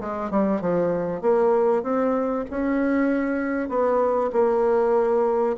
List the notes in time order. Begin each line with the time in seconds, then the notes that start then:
0.00 G#3
0.30 G3
0.61 F3
1.21 A#3
1.83 C4
2.50 C#4
3.69 B3
4.32 A#3